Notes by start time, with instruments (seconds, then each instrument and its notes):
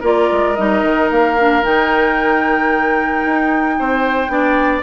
0.00 bassoon A#3, clarinet F4, oboe A#4, flute D5
0.32 bassoon G#3
0.56 bassoon G3, clarinet D#4, flute D#5
0.83 bassoon D#3
1.11 bassoon A#3, flute F5
1.38 clarinet D4
1.63 bassoon D#3, clarinet D#4, flute G5
3.26 bassoon D#4
3.79 bassoon C4, oboe C5
4.28 bassoon B3, clarinet D4, oboe D5